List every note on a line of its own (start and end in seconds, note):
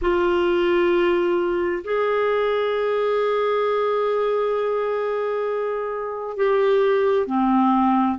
0.01 1.83 F4
1.83 6.36 G#4
6.36 7.26 G4
7.26 8.17 C4